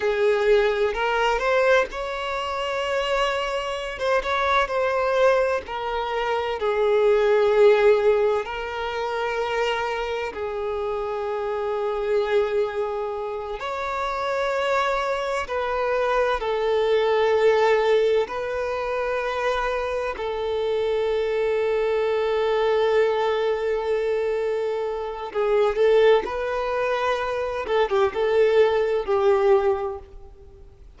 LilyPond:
\new Staff \with { instrumentName = "violin" } { \time 4/4 \tempo 4 = 64 gis'4 ais'8 c''8 cis''2~ | cis''16 c''16 cis''8 c''4 ais'4 gis'4~ | gis'4 ais'2 gis'4~ | gis'2~ gis'8 cis''4.~ |
cis''8 b'4 a'2 b'8~ | b'4. a'2~ a'8~ | a'2. gis'8 a'8 | b'4. a'16 g'16 a'4 g'4 | }